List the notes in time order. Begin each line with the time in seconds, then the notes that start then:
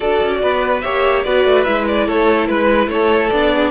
0.00 D4 F#4 A4 D5
0.21 C#4
0.42 B3 B4
0.80 A#3 G4 C#5 E5
1.23 B3 F#4 B4 D5
1.44 A3
1.64 G#3 E4 E5
1.87 D5
2.06 A3 A4 C#5
2.47 G#3 B4
2.87 A3 A4 C#5
3.29 B3 D4 D5
3.54 G#4